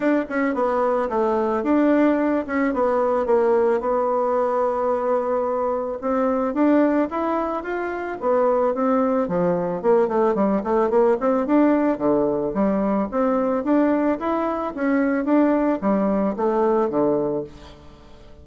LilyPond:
\new Staff \with { instrumentName = "bassoon" } { \time 4/4 \tempo 4 = 110 d'8 cis'8 b4 a4 d'4~ | d'8 cis'8 b4 ais4 b4~ | b2. c'4 | d'4 e'4 f'4 b4 |
c'4 f4 ais8 a8 g8 a8 | ais8 c'8 d'4 d4 g4 | c'4 d'4 e'4 cis'4 | d'4 g4 a4 d4 | }